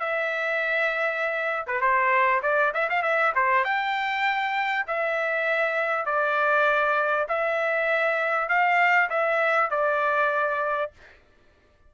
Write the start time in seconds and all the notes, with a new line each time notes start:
0.00 E5
1.67 B4
1.81 C5
2.43 D5
2.75 E5
2.90 F5
3.03 E5
3.36 C5
3.65 G5
4.88 E5
6.06 D5
7.29 E5
8.49 F5
9.10 E5
9.71 D5